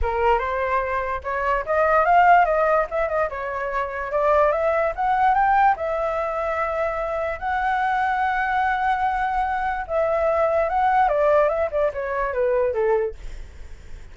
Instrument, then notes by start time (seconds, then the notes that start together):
flute
0.02 A#4
0.38 C5
1.23 C#5
1.65 D#5
2.05 F5
2.45 D#5
2.90 E5
3.08 D#5
3.29 C#5
4.11 D5
4.52 E5
4.95 F#5
5.34 G5
5.76 E5
7.39 F#5
9.87 E5
10.69 F#5
11.08 D5
11.49 E5
11.71 D5
11.93 C#5
12.33 B4
12.73 A4